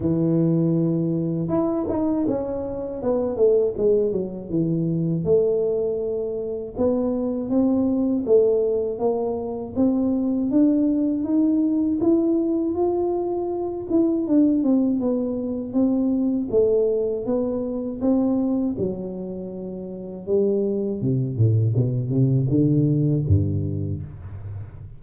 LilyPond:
\new Staff \with { instrumentName = "tuba" } { \time 4/4 \tempo 4 = 80 e2 e'8 dis'8 cis'4 | b8 a8 gis8 fis8 e4 a4~ | a4 b4 c'4 a4 | ais4 c'4 d'4 dis'4 |
e'4 f'4. e'8 d'8 c'8 | b4 c'4 a4 b4 | c'4 fis2 g4 | c8 a,8 b,8 c8 d4 g,4 | }